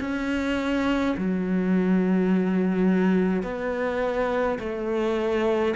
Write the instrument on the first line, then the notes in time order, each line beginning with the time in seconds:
cello
0.00 C#4
1.17 F#3
3.43 B3
4.59 A3